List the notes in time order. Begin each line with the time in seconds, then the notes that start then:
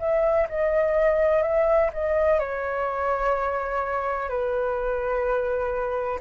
0.00 E5
0.49 D#5
1.43 E5
1.94 D#5
2.40 C#5
4.29 B4